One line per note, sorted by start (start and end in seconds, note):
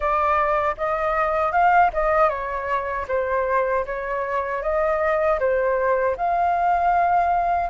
0.00 0.75 D5
0.77 1.52 D#5
1.52 1.90 F5
1.93 2.29 D#5
2.29 3.06 C#5
3.08 3.85 C5
3.85 4.62 C#5
4.62 5.39 D#5
5.39 6.16 C5
6.16 7.69 F5